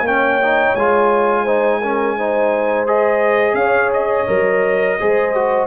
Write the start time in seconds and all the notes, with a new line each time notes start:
0.00 A#3 C#4
0.06 C#5 G5
0.41 D#4
0.75 G#3 F4 G#5
1.43 D#4 C5
1.81 C#4 A#4
2.17 D#4 C5
2.87 G#4 D#5
3.53 C#4 C#5 F5
3.93 D#5
4.27 F#3 A#4
4.99 G#3 G#4 C5
5.35 F#4